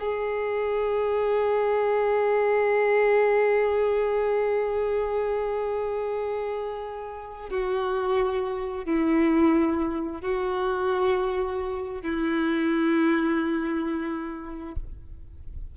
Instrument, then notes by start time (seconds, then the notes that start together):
violin
0.00 G#4
7.50 F#4
8.86 E4
10.22 F#4
12.03 E4